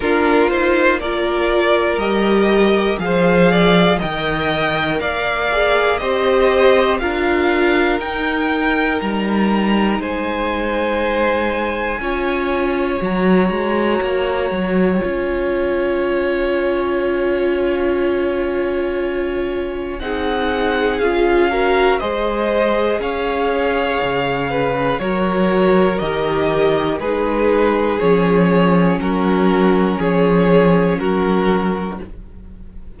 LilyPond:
<<
  \new Staff \with { instrumentName = "violin" } { \time 4/4 \tempo 4 = 60 ais'8 c''8 d''4 dis''4 f''4 | g''4 f''4 dis''4 f''4 | g''4 ais''4 gis''2~ | gis''4 ais''2 gis''4~ |
gis''1 | fis''4 f''4 dis''4 f''4~ | f''4 cis''4 dis''4 b'4 | cis''4 ais'4 cis''4 ais'4 | }
  \new Staff \with { instrumentName = "violin" } { \time 4/4 f'4 ais'2 c''8 d''8 | dis''4 d''4 c''4 ais'4~ | ais'2 c''2 | cis''1~ |
cis''1 | gis'4. ais'8 c''4 cis''4~ | cis''8 b'8 ais'2 gis'4~ | gis'4 fis'4 gis'4 fis'4 | }
  \new Staff \with { instrumentName = "viola" } { \time 4/4 d'8 dis'8 f'4 g'4 gis'4 | ais'4. gis'8 g'4 f'4 | dis'1 | f'4 fis'2 f'4~ |
f'1 | dis'4 f'8 fis'8 gis'2~ | gis'4 fis'4 g'4 dis'4 | cis'1 | }
  \new Staff \with { instrumentName = "cello" } { \time 4/4 ais2 g4 f4 | dis4 ais4 c'4 d'4 | dis'4 g4 gis2 | cis'4 fis8 gis8 ais8 fis8 cis'4~ |
cis'1 | c'4 cis'4 gis4 cis'4 | cis4 fis4 dis4 gis4 | f4 fis4 f4 fis4 | }
>>